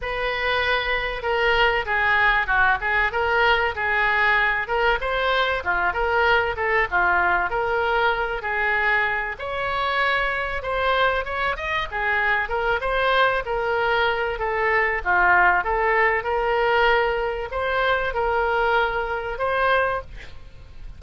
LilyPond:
\new Staff \with { instrumentName = "oboe" } { \time 4/4 \tempo 4 = 96 b'2 ais'4 gis'4 | fis'8 gis'8 ais'4 gis'4. ais'8 | c''4 f'8 ais'4 a'8 f'4 | ais'4. gis'4. cis''4~ |
cis''4 c''4 cis''8 dis''8 gis'4 | ais'8 c''4 ais'4. a'4 | f'4 a'4 ais'2 | c''4 ais'2 c''4 | }